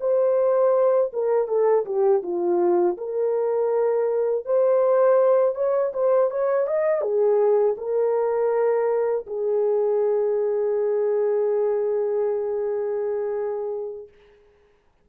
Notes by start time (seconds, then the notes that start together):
0.00 C5
1.13 A#4
1.47 A4
1.85 G4
2.22 F4
2.97 A#4
4.45 C5
5.55 C#5
5.93 C5
6.30 C#5
6.67 D#5
7.01 G#4
7.77 A#4
9.26 G#4